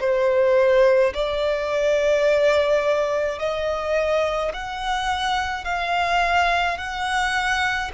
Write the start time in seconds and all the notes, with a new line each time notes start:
0.00 C5
1.14 D5
3.39 D#5
4.53 F#5
5.64 F5
6.77 F#5